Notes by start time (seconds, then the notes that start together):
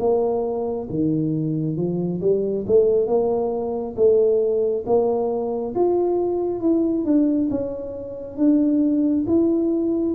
0.00 A#3
0.90 D#3
1.77 F3
2.21 G3
2.68 A3
3.07 A#3
3.96 A3
4.86 A#3
5.76 F4
6.61 E4
7.05 D4
7.50 C#4
8.37 D4
9.27 E4